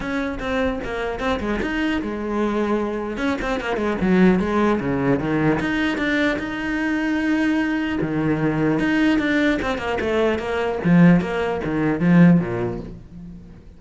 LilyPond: \new Staff \with { instrumentName = "cello" } { \time 4/4 \tempo 4 = 150 cis'4 c'4 ais4 c'8 gis8 | dis'4 gis2. | cis'8 c'8 ais8 gis8 fis4 gis4 | cis4 dis4 dis'4 d'4 |
dis'1 | dis2 dis'4 d'4 | c'8 ais8 a4 ais4 f4 | ais4 dis4 f4 ais,4 | }